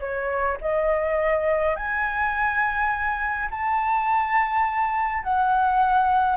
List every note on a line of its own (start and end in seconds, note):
0.00 0.58 C#5
0.62 1.76 D#5
1.76 3.49 G#5
3.51 5.24 A5
5.24 6.37 F#5